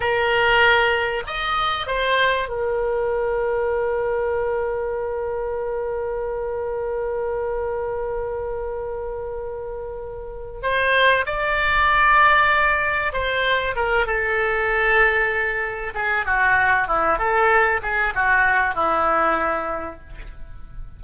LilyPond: \new Staff \with { instrumentName = "oboe" } { \time 4/4 \tempo 4 = 96 ais'2 dis''4 c''4 | ais'1~ | ais'1~ | ais'1~ |
ais'4 c''4 d''2~ | d''4 c''4 ais'8 a'4.~ | a'4. gis'8 fis'4 e'8 a'8~ | a'8 gis'8 fis'4 e'2 | }